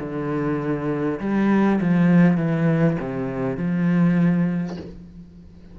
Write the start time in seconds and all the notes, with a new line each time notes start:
0.00 D3
1.21 G3
1.82 F3
2.38 E3
3.01 C3
3.57 F3